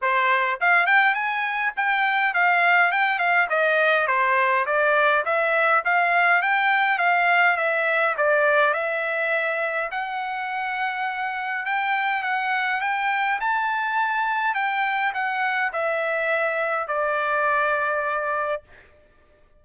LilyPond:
\new Staff \with { instrumentName = "trumpet" } { \time 4/4 \tempo 4 = 103 c''4 f''8 g''8 gis''4 g''4 | f''4 g''8 f''8 dis''4 c''4 | d''4 e''4 f''4 g''4 | f''4 e''4 d''4 e''4~ |
e''4 fis''2. | g''4 fis''4 g''4 a''4~ | a''4 g''4 fis''4 e''4~ | e''4 d''2. | }